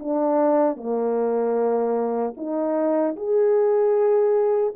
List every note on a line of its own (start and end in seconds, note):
0.00 0.77 D4
0.77 2.35 A#3
2.37 3.16 D#4
3.17 4.74 G#4